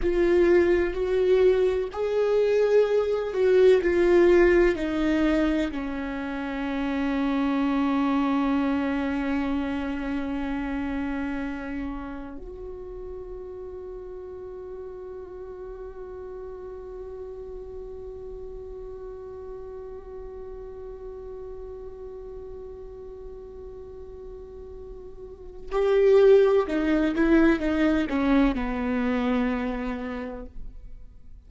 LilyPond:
\new Staff \with { instrumentName = "viola" } { \time 4/4 \tempo 4 = 63 f'4 fis'4 gis'4. fis'8 | f'4 dis'4 cis'2~ | cis'1~ | cis'4 fis'2.~ |
fis'1~ | fis'1~ | fis'2. g'4 | dis'8 e'8 dis'8 cis'8 b2 | }